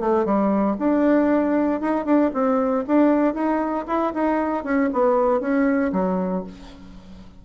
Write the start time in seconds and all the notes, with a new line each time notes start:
0.00 A3
0.25 G3
0.79 D4
1.81 D#4
2.05 D4
2.34 C4
2.87 D4
3.34 D#4
3.87 E4
4.14 D#4
4.64 C#4
4.93 B3
5.40 C#4
5.93 F#3